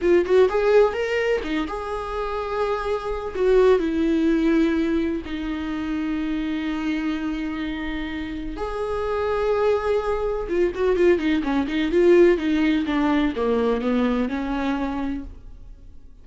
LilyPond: \new Staff \with { instrumentName = "viola" } { \time 4/4 \tempo 4 = 126 f'8 fis'8 gis'4 ais'4 dis'8 gis'8~ | gis'2. fis'4 | e'2. dis'4~ | dis'1~ |
dis'2 gis'2~ | gis'2 f'8 fis'8 f'8 dis'8 | cis'8 dis'8 f'4 dis'4 d'4 | ais4 b4 cis'2 | }